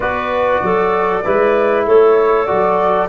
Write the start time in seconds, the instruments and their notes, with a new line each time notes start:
0.00 tuba B3, trombone F#4, clarinet B4, flute D5
0.62 tuba F#3, clarinet A4
1.24 tuba G#3, trombone E4, clarinet B4
1.85 tuba A3, clarinet A4, flute C#5
2.45 tuba F#3, trombone F#4, flute D5